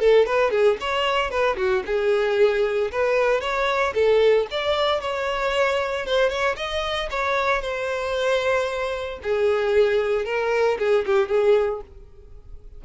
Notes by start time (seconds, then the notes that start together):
0.00 A4
0.26 B4
0.51 G#4
0.81 C#5
1.31 B4
1.57 F#4
1.86 G#4
2.92 B4
3.41 C#5
3.95 A4
4.51 D5
5.01 C#5
6.06 C5
6.30 C#5
6.57 D#5
7.11 C#5
7.62 C5
9.23 G#4
10.26 A#4
10.79 G#4
11.06 G4
11.29 G#4